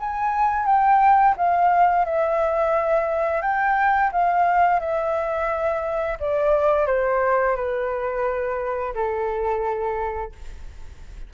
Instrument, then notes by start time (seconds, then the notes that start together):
flute
0.00 G#5
0.66 G5
1.37 F5
2.05 E5
3.42 G5
4.12 F5
4.80 E5
6.20 D5
6.87 C5
7.56 B4
8.95 A4